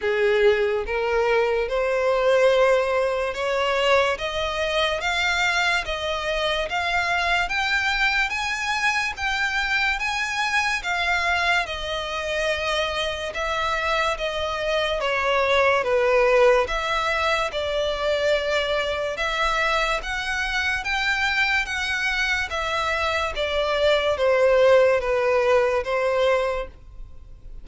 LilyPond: \new Staff \with { instrumentName = "violin" } { \time 4/4 \tempo 4 = 72 gis'4 ais'4 c''2 | cis''4 dis''4 f''4 dis''4 | f''4 g''4 gis''4 g''4 | gis''4 f''4 dis''2 |
e''4 dis''4 cis''4 b'4 | e''4 d''2 e''4 | fis''4 g''4 fis''4 e''4 | d''4 c''4 b'4 c''4 | }